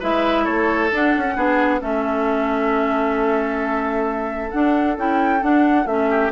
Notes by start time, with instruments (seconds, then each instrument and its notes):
0.00 bassoon G#3, clarinet E4, oboe B4, flute E5
0.44 bassoon A3, oboe A4, flute C#5
0.92 clarinet D4, bassoon D4, flute F#5
1.17 bassoon C#4
1.25 clarinet C#4
1.36 bassoon B3, clarinet D4, oboe G#4
1.80 bassoon A3, clarinet C#4, oboe A4, flute E5
4.51 clarinet D4, bassoon D4, flute F#5
4.97 bassoon C#4, clarinet E4, flute G5
5.40 clarinet D4, bassoon D4, flute F#5
5.86 bassoon A3, clarinet C#4, flute E5
6.10 oboe G4